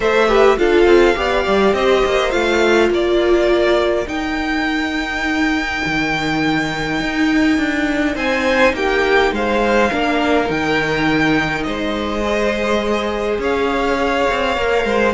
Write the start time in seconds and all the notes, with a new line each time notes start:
0.00 A3 A4 C5 E5
0.28 G4 B4
0.57 D4 F4 A4 F5
0.85 C4
1.15 B3 G4 D5
1.47 G3
1.73 C4 C5 D#5
2.05 A#3
2.30 A3 F4 F5
2.90 A#3 A#4 D5
4.06 D#4 G5
5.85 D#3
7.00 D#4
7.57 D4
8.15 C4 C5 G#5
8.73 A#3 G4 G5
9.31 G#3 C5 F5
9.90 A#3 D4 A#4
10.45 D#3 D#4 G5
11.63 G#3 C5 D#5
12.23 G#4
13.38 C#4 C#5 F5
14.30 C4
14.56 A#3 A#4
14.84 G#3 C5